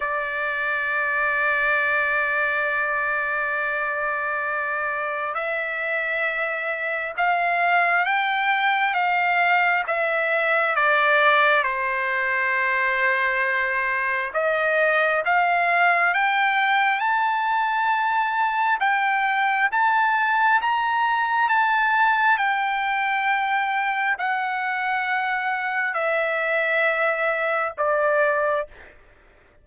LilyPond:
\new Staff \with { instrumentName = "trumpet" } { \time 4/4 \tempo 4 = 67 d''1~ | d''2 e''2 | f''4 g''4 f''4 e''4 | d''4 c''2. |
dis''4 f''4 g''4 a''4~ | a''4 g''4 a''4 ais''4 | a''4 g''2 fis''4~ | fis''4 e''2 d''4 | }